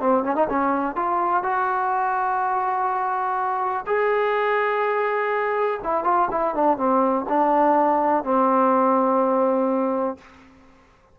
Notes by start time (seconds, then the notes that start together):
0.00 C4
0.23 C#4
0.35 D#4
0.49 C#4
0.95 F4
1.43 F#4
3.86 G#4
5.83 E4
6.04 F4
6.31 E4
6.55 D4
6.77 C4
7.28 D4
8.24 C4